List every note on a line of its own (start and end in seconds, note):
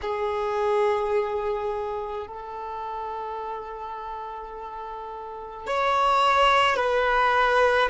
0.01 2.27 G#4
2.27 5.66 A4
5.66 6.76 C#5
6.76 7.89 B4